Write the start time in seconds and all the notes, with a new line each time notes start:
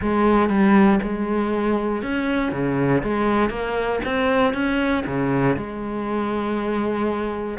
0.01 G#3
0.49 G3
1.02 G#3
2.02 C#4
2.52 C#3
3.03 G#3
3.49 A#3
4.05 C4
4.53 C#4
5.06 C#3
5.56 G#3